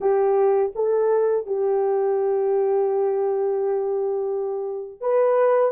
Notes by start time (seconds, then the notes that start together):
0.00 G4
0.75 A4
1.46 G4
5.00 B4